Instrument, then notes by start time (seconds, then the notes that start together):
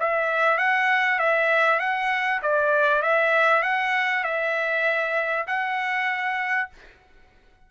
trumpet
0.00 E5
0.58 F#5
1.19 E5
1.79 F#5
2.42 D5
3.02 E5
3.63 F#5
4.24 E5
5.47 F#5